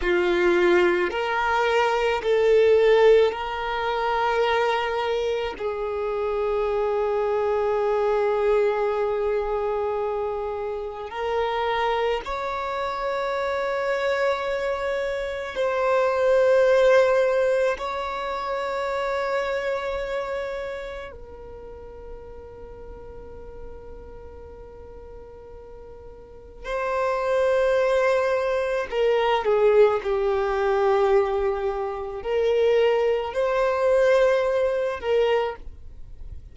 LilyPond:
\new Staff \with { instrumentName = "violin" } { \time 4/4 \tempo 4 = 54 f'4 ais'4 a'4 ais'4~ | ais'4 gis'2.~ | gis'2 ais'4 cis''4~ | cis''2 c''2 |
cis''2. ais'4~ | ais'1 | c''2 ais'8 gis'8 g'4~ | g'4 ais'4 c''4. ais'8 | }